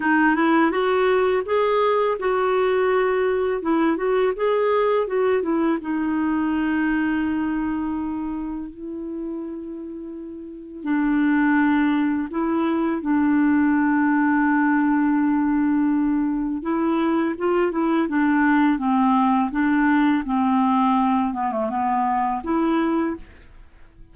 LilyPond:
\new Staff \with { instrumentName = "clarinet" } { \time 4/4 \tempo 4 = 83 dis'8 e'8 fis'4 gis'4 fis'4~ | fis'4 e'8 fis'8 gis'4 fis'8 e'8 | dis'1 | e'2. d'4~ |
d'4 e'4 d'2~ | d'2. e'4 | f'8 e'8 d'4 c'4 d'4 | c'4. b16 a16 b4 e'4 | }